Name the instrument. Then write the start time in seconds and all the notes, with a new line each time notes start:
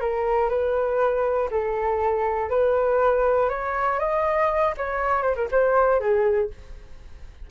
flute
0.00 A#4
0.49 B4
1.50 A4
2.49 B4
3.49 C#5
3.99 D#5
4.77 C#5
5.22 C5
5.35 A#4
5.51 C5
6.00 G#4